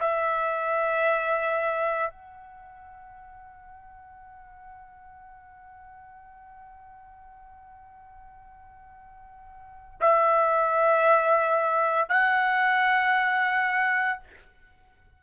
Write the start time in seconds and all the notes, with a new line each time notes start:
0.00 E5
2.10 F#5
10.00 E5
12.09 F#5